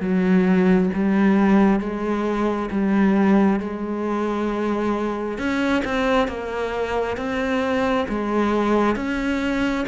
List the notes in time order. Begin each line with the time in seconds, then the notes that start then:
0.00 F#3
0.94 G3
1.80 G#3
2.71 G3
3.60 G#3
5.38 C#4
5.84 C4
6.28 A#3
7.17 C4
8.08 G#3
8.96 C#4